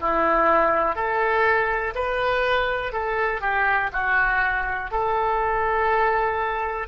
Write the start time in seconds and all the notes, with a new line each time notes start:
0.00 E4
0.95 A4
1.95 B4
2.92 A4
3.41 G4
3.93 F#4
4.91 A4